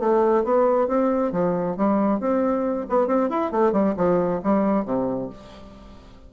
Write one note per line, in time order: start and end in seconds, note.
0.00 0.44 A3
0.44 0.88 B3
0.88 1.32 C4
1.33 1.77 F3
1.77 2.21 G3
2.21 2.87 C4
2.89 3.08 B3
3.08 3.30 C4
3.30 3.52 E4
3.52 3.73 A3
3.73 3.95 G3
3.97 4.42 F3
4.43 4.86 G3
4.86 5.30 C3